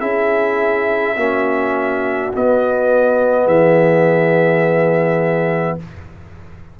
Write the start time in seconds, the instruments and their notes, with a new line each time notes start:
0.00 tuba C#4, trombone E4, horn G#4, trumpet E5
1.16 tuba A#3, trombone C#4, horn F#4
2.33 trombone B3, tuba B3, trumpet D#5
3.45 tuba E3, horn G#4, trumpet E5